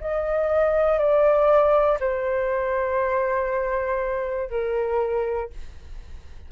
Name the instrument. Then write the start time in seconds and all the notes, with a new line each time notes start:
flute
0.00 D#5
0.98 D5
2.00 C5
4.50 A#4